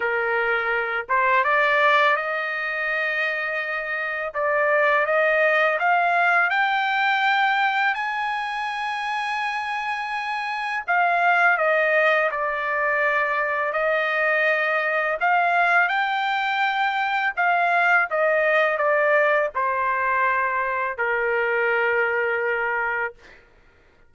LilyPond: \new Staff \with { instrumentName = "trumpet" } { \time 4/4 \tempo 4 = 83 ais'4. c''8 d''4 dis''4~ | dis''2 d''4 dis''4 | f''4 g''2 gis''4~ | gis''2. f''4 |
dis''4 d''2 dis''4~ | dis''4 f''4 g''2 | f''4 dis''4 d''4 c''4~ | c''4 ais'2. | }